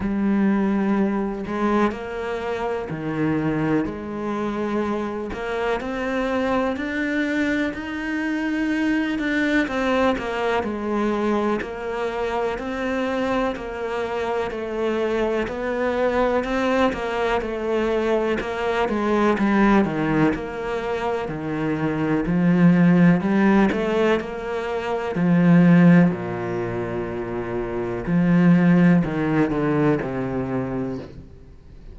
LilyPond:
\new Staff \with { instrumentName = "cello" } { \time 4/4 \tempo 4 = 62 g4. gis8 ais4 dis4 | gis4. ais8 c'4 d'4 | dis'4. d'8 c'8 ais8 gis4 | ais4 c'4 ais4 a4 |
b4 c'8 ais8 a4 ais8 gis8 | g8 dis8 ais4 dis4 f4 | g8 a8 ais4 f4 ais,4~ | ais,4 f4 dis8 d8 c4 | }